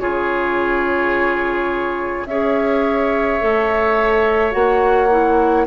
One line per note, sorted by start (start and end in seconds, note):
0.00 2.26 C#3
0.00 2.28 F4
0.00 2.28 G#4
0.00 2.26 C#5
2.26 3.40 C#4
2.26 3.41 G#4
2.26 5.67 C#5
2.26 4.53 E5
3.41 4.55 A3
3.41 4.51 A4
4.51 5.67 A#3
4.51 5.08 F#4
4.51 5.66 F#5
5.10 5.67 E4